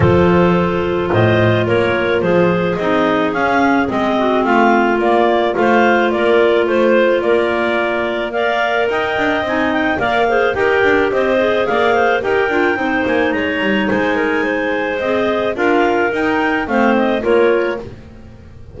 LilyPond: <<
  \new Staff \with { instrumentName = "clarinet" } { \time 4/4 \tempo 4 = 108 c''2 dis''4 cis''4 | c''4 dis''4 f''4 dis''4 | f''4 d''4 f''4 d''4 | c''4 d''2 f''4 |
g''4 gis''8 g''8 f''4 g''4 | dis''4 f''4 g''4. gis''8 | ais''4 gis''2 dis''4 | f''4 g''4 f''8 dis''8 cis''4 | }
  \new Staff \with { instrumentName = "clarinet" } { \time 4/4 a'2 c''4 ais'4 | gis'2.~ gis'8 fis'8 | f'2 c''4 ais'4 | c''4 ais'2 d''4 |
dis''2 d''8 c''8 ais'4 | c''4 d''8 c''8 ais'4 c''4 | cis''4 c''8 ais'8 c''2 | ais'2 c''4 ais'4 | }
  \new Staff \with { instrumentName = "clarinet" } { \time 4/4 f'1~ | f'4 dis'4 cis'4 c'4~ | c'4 ais4 f'2~ | f'2. ais'4~ |
ais'4 dis'4 ais'8 gis'8 g'4~ | g'8 gis'4. g'8 f'8 dis'4~ | dis'2. gis'4 | f'4 dis'4 c'4 f'4 | }
  \new Staff \with { instrumentName = "double bass" } { \time 4/4 f2 a,4 ais4 | f4 c'4 cis'4 gis4 | a4 ais4 a4 ais4 | a4 ais2. |
dis'8 d'8 c'4 ais4 dis'8 d'8 | c'4 ais4 dis'8 d'8 c'8 ais8 | gis8 g8 gis2 c'4 | d'4 dis'4 a4 ais4 | }
>>